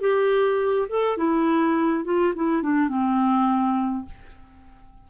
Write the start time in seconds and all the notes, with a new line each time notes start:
0.00 G4
0.88 A4
1.17 E4
2.04 F4
2.35 E4
2.62 D4
2.88 C4